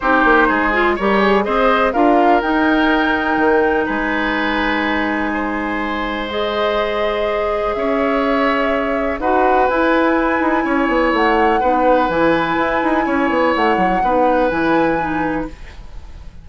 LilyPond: <<
  \new Staff \with { instrumentName = "flute" } { \time 4/4 \tempo 4 = 124 c''2 ais'8 gis'8 dis''4 | f''4 g''2. | gis''1~ | gis''4 dis''2. |
e''2. fis''4 | gis''2. fis''4~ | fis''4 gis''2. | fis''2 gis''2 | }
  \new Staff \with { instrumentName = "oboe" } { \time 4/4 g'4 gis'4 cis''4 c''4 | ais'1 | b'2. c''4~ | c''1 |
cis''2. b'4~ | b'2 cis''2 | b'2. cis''4~ | cis''4 b'2. | }
  \new Staff \with { instrumentName = "clarinet" } { \time 4/4 dis'4. f'8 g'4 gis'4 | f'4 dis'2.~ | dis'1~ | dis'4 gis'2.~ |
gis'2. fis'4 | e'1 | dis'4 e'2.~ | e'4 dis'4 e'4 dis'4 | }
  \new Staff \with { instrumentName = "bassoon" } { \time 4/4 c'8 ais8 gis4 g4 c'4 | d'4 dis'2 dis4 | gis1~ | gis1 |
cis'2. dis'4 | e'4. dis'8 cis'8 b8 a4 | b4 e4 e'8 dis'8 cis'8 b8 | a8 fis8 b4 e2 | }
>>